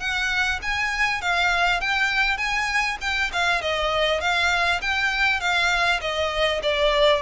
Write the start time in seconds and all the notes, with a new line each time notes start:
0.00 F#5
0.62 G#5
1.22 F5
1.81 G5
2.38 G#5
3.01 G5
3.33 F5
3.62 D#5
4.21 F5
4.82 G5
5.41 F5
6.01 D#5
6.63 D5